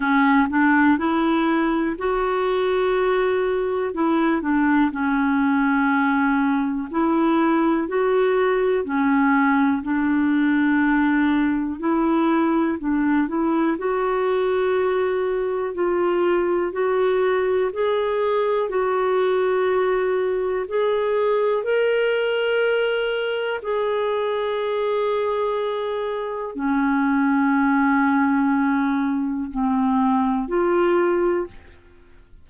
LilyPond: \new Staff \with { instrumentName = "clarinet" } { \time 4/4 \tempo 4 = 61 cis'8 d'8 e'4 fis'2 | e'8 d'8 cis'2 e'4 | fis'4 cis'4 d'2 | e'4 d'8 e'8 fis'2 |
f'4 fis'4 gis'4 fis'4~ | fis'4 gis'4 ais'2 | gis'2. cis'4~ | cis'2 c'4 f'4 | }